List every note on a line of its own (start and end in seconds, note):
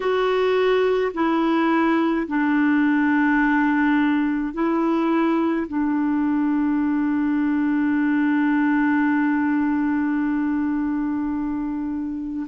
0.00 1.12 F#4
1.14 2.27 E4
2.27 4.53 D4
4.53 5.66 E4
5.67 12.46 D4